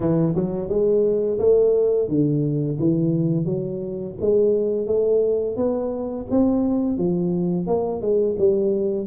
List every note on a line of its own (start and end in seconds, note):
0.00 0.34 E3
0.35 0.68 F#3
0.68 1.38 G#3
1.39 2.08 A3
2.08 2.77 D3
2.79 3.45 E3
3.45 4.14 F#3
4.20 4.86 G#3
4.86 5.56 A3
5.56 6.26 B3
6.30 6.97 C4
6.97 7.66 F3
7.66 8.01 A#3
8.01 8.36 G#3
8.38 9.06 G3